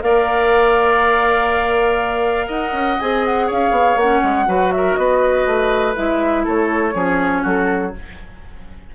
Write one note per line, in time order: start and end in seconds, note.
0.00 2.49 A#3
0.00 2.98 A#4
0.00 2.47 D5
0.00 2.50 F5
2.47 2.72 D#4
2.47 3.46 D#5
2.47 2.99 F#5
2.72 2.97 C#4
2.99 3.51 C4
2.99 3.99 G#4
2.99 3.24 G#5
3.25 3.49 F#5
3.46 3.71 C#4
3.46 4.45 C#5
3.46 3.98 F5
3.71 3.95 B3
3.96 4.20 A#3
3.96 4.46 C#4
3.96 4.72 F#5
4.23 4.47 G#3
4.46 4.96 F#3
4.46 5.95 F#4
4.46 4.73 B4
4.72 4.99 A#4
4.72 4.95 E5
4.95 5.46 B3
4.95 6.44 B4
4.95 5.94 D#5
5.46 5.95 A3
5.95 6.47 G#3
5.95 6.93 E4
5.95 6.45 E5
6.44 6.94 A3
6.44 6.94 A4
6.44 7.45 C#5
6.93 7.43 F3
6.93 7.92 C#4
6.93 7.42 G#4
7.42 7.94 F#3
7.42 7.92 F#4
7.42 7.95 A4